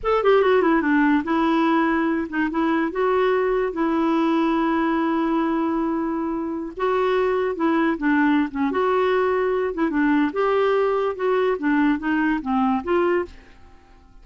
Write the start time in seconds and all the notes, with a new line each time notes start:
0.03 A4
0.23 G4
0.42 F#4
0.62 E4
0.81 D4
1.24 E4
2.29 D#4
2.50 E4
2.91 F#4
3.72 E4
6.76 F#4
7.55 E4
7.97 D4
8.50 C#4
8.71 F#4
9.74 E4
9.90 D4
10.32 G4
11.15 F#4
11.58 D4
11.98 D#4
12.41 C4
12.83 F4